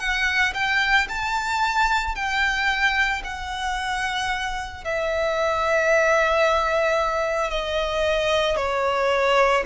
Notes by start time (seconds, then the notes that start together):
0.00 F#5
0.55 G5
1.09 A5
2.15 G5
3.24 F#5
4.85 E5
7.51 D#5
8.57 C#5